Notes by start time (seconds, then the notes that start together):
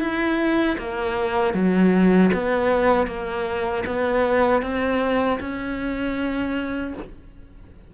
0.00 E4
0.78 A#3
1.53 F#3
2.33 B3
3.07 A#3
3.86 B3
4.62 C4
5.40 C#4